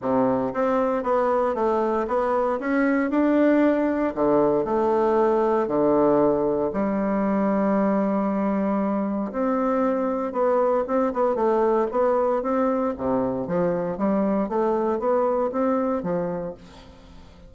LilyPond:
\new Staff \with { instrumentName = "bassoon" } { \time 4/4 \tempo 4 = 116 c4 c'4 b4 a4 | b4 cis'4 d'2 | d4 a2 d4~ | d4 g2.~ |
g2 c'2 | b4 c'8 b8 a4 b4 | c'4 c4 f4 g4 | a4 b4 c'4 f4 | }